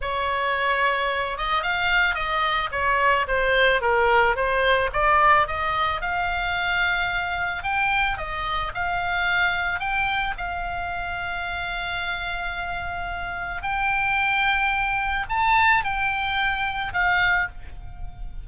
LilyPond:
\new Staff \with { instrumentName = "oboe" } { \time 4/4 \tempo 4 = 110 cis''2~ cis''8 dis''8 f''4 | dis''4 cis''4 c''4 ais'4 | c''4 d''4 dis''4 f''4~ | f''2 g''4 dis''4 |
f''2 g''4 f''4~ | f''1~ | f''4 g''2. | a''4 g''2 f''4 | }